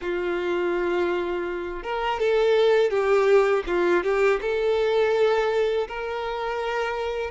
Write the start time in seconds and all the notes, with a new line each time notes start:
0.01 F4
1.83 A#4
2.19 A4
2.90 G4
3.67 F4
4.03 G4
4.41 A4
5.88 A#4